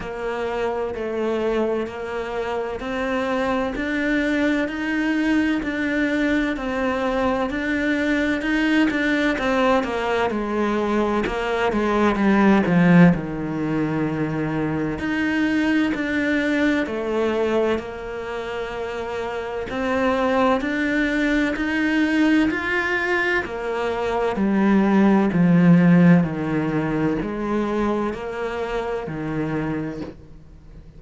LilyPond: \new Staff \with { instrumentName = "cello" } { \time 4/4 \tempo 4 = 64 ais4 a4 ais4 c'4 | d'4 dis'4 d'4 c'4 | d'4 dis'8 d'8 c'8 ais8 gis4 | ais8 gis8 g8 f8 dis2 |
dis'4 d'4 a4 ais4~ | ais4 c'4 d'4 dis'4 | f'4 ais4 g4 f4 | dis4 gis4 ais4 dis4 | }